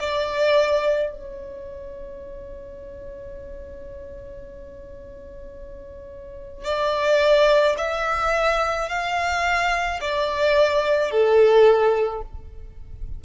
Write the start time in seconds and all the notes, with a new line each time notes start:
0.00 D5
1.11 C#5
6.65 D5
7.78 E5
8.89 F5
10.01 D5
11.11 A4